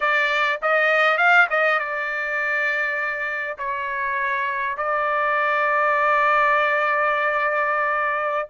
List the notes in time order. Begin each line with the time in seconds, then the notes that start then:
0.00 D5
0.62 D#5
1.17 F5
1.50 D#5
1.79 D5
3.58 C#5
4.77 D5